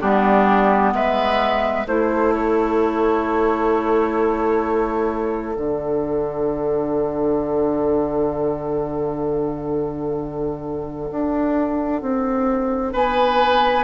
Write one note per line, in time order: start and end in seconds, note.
0.00 0.93 G3
0.00 1.86 B3
0.00 0.93 D4
0.00 0.92 G4
0.93 1.86 G#3
0.93 1.87 B4
0.93 1.87 E5
1.87 5.57 A3
1.87 5.55 E4
1.87 12.93 A4
1.87 2.33 C5
2.34 5.55 C#5
5.55 11.11 D3
5.55 13.84 D4
5.55 12.94 F#5
11.11 12.02 D4
12.02 12.94 C4
12.93 13.84 B3
12.93 13.84 B4
12.93 13.84 G#5